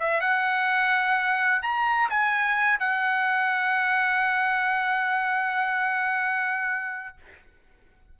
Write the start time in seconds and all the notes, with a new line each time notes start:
0.00 E5
0.21 F#5
1.63 A#5
2.10 G#5
2.80 F#5